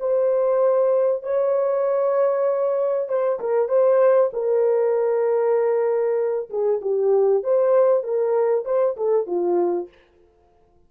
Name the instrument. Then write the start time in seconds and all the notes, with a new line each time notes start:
horn
0.00 C5
1.23 C#5
3.09 C5
3.40 A#4
3.69 C5
4.33 A#4
6.50 G#4
6.82 G4
7.44 C5
8.04 A#4
8.65 C5
8.97 A4
9.27 F4